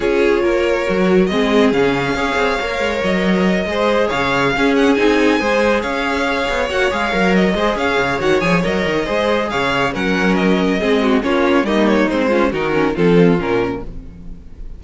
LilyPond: <<
  \new Staff \with { instrumentName = "violin" } { \time 4/4 \tempo 4 = 139 cis''2. dis''4 | f''2. dis''4~ | dis''4. f''4. fis''8 gis''8~ | gis''4. f''2 fis''8 |
f''4 dis''4 f''4 fis''8 gis''8 | dis''2 f''4 fis''4 | dis''2 cis''4 dis''8 cis''8 | c''4 ais'4 a'4 ais'4 | }
  \new Staff \with { instrumentName = "violin" } { \time 4/4 gis'4 ais'2 gis'4~ | gis'4 cis''2.~ | cis''8 c''4 cis''4 gis'4.~ | gis'8 c''4 cis''2~ cis''8~ |
cis''4. c''8 cis''2~ | cis''4 c''4 cis''4 ais'4~ | ais'4 gis'8 fis'8 f'4 dis'4~ | dis'8 f'8 fis'4 f'2 | }
  \new Staff \with { instrumentName = "viola" } { \time 4/4 f'2 fis'4 c'4 | cis'4 gis'4 ais'2~ | ais'8 gis'2 cis'4 dis'8~ | dis'8 gis'2. fis'8 |
gis'8 ais'4 gis'4. fis'8 gis'8 | ais'4 gis'2 cis'4~ | cis'4 c'4 cis'4 ais4 | c'8 cis'8 dis'8 cis'8 c'4 cis'4 | }
  \new Staff \with { instrumentName = "cello" } { \time 4/4 cis'4 ais4 fis4 gis4 | cis4 cis'8 c'8 ais8 gis8 fis4~ | fis8 gis4 cis4 cis'4 c'8~ | c'8 gis4 cis'4. b8 ais8 |
gis8 fis4 gis8 cis'8 cis8 dis8 f8 | fis8 dis8 gis4 cis4 fis4~ | fis4 gis4 ais4 g4 | gis4 dis4 f4 ais,4 | }
>>